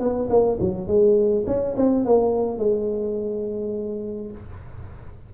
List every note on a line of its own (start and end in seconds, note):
0.00 0.29 B3
0.30 0.59 A#3
0.61 0.88 F#3
0.88 1.45 G#3
1.47 1.76 C#4
1.77 2.05 C4
2.05 2.58 A#3
2.58 4.31 G#3